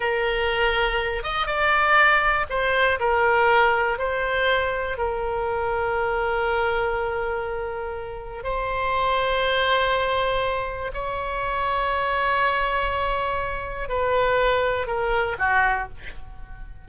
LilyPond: \new Staff \with { instrumentName = "oboe" } { \time 4/4 \tempo 4 = 121 ais'2~ ais'8 dis''8 d''4~ | d''4 c''4 ais'2 | c''2 ais'2~ | ais'1~ |
ais'4 c''2.~ | c''2 cis''2~ | cis''1 | b'2 ais'4 fis'4 | }